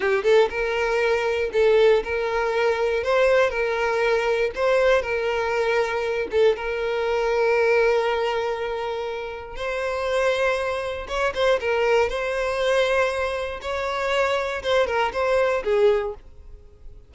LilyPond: \new Staff \with { instrumentName = "violin" } { \time 4/4 \tempo 4 = 119 g'8 a'8 ais'2 a'4 | ais'2 c''4 ais'4~ | ais'4 c''4 ais'2~ | ais'8 a'8 ais'2.~ |
ais'2. c''4~ | c''2 cis''8 c''8 ais'4 | c''2. cis''4~ | cis''4 c''8 ais'8 c''4 gis'4 | }